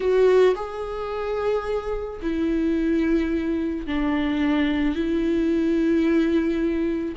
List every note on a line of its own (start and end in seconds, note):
0.00 0.54 F#4
0.55 2.20 G#4
2.21 3.87 E4
3.87 4.95 D4
4.95 7.15 E4